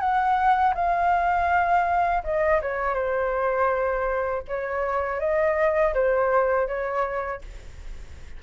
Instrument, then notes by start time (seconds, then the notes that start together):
flute
0.00 F#5
0.75 F5
2.24 D#5
2.62 C#5
2.95 C5
4.48 C#5
5.20 D#5
5.94 C5
6.68 C#5